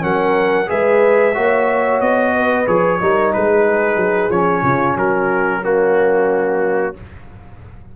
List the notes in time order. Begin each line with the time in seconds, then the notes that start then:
0.00 F#3 C#4 A#4 F#5
0.66 G#3 G#4 B4 E5
1.34 A#3 F#4 C#5
2.01 B3 D#5
2.35 B4
2.67 F3 G#4 C#5
3.01 G3 D#4 A#4
3.33 G#3 G#4 B4
3.96 F#3
4.30 F3 C#4 C#5
4.63 C#3 F4
4.96 F#3 F#4 A#4
5.62 A#3 C#4 F#4